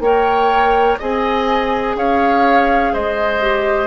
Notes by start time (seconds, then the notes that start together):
0.00 A#3 A#4 C#5 G5
0.99 C4 G#4 D#5 G#5
1.96 C#4 C#5 F5
2.93 G#3 C5 D#5
3.42 G4